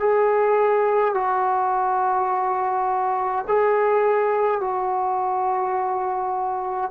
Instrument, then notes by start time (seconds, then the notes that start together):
trombone
0.00 G#4
1.14 F#4
3.48 G#4
4.61 F#4